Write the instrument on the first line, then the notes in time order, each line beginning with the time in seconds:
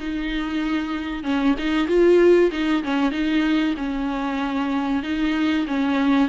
viola
0.00 D#4
1.24 C#4
1.58 D#4
1.88 F4
2.52 D#4
2.84 C#4
3.12 D#4
3.77 C#4
5.04 D#4
5.68 C#4